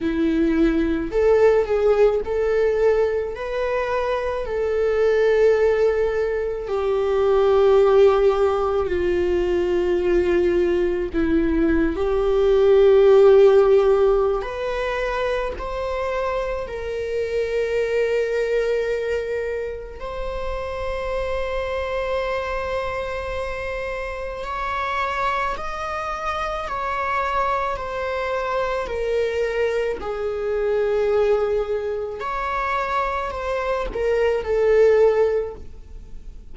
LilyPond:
\new Staff \with { instrumentName = "viola" } { \time 4/4 \tempo 4 = 54 e'4 a'8 gis'8 a'4 b'4 | a'2 g'2 | f'2 e'8. g'4~ g'16~ | g'4 b'4 c''4 ais'4~ |
ais'2 c''2~ | c''2 cis''4 dis''4 | cis''4 c''4 ais'4 gis'4~ | gis'4 cis''4 c''8 ais'8 a'4 | }